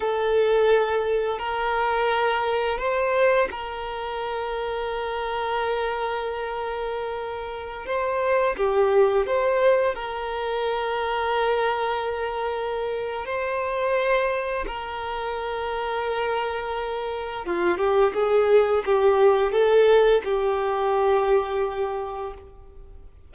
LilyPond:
\new Staff \with { instrumentName = "violin" } { \time 4/4 \tempo 4 = 86 a'2 ais'2 | c''4 ais'2.~ | ais'2.~ ais'16 c''8.~ | c''16 g'4 c''4 ais'4.~ ais'16~ |
ais'2. c''4~ | c''4 ais'2.~ | ais'4 f'8 g'8 gis'4 g'4 | a'4 g'2. | }